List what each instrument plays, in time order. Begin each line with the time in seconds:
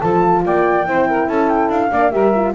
0.00 double bass F3, horn F4, saxophone A4, flute A5
0.45 double bass A#3, saxophone D5, flute G5
0.86 double bass C4, horn E4, saxophone C5
1.09 saxophone A#4
1.28 double bass C#4, saxophone A4, flute A5
1.49 flute G5
1.69 double bass D4, flute F5
1.91 double bass A#3, horn D4, saxophone D5
2.11 double bass G3, horn G4, saxophone A#4, flute E5
2.35 horn F4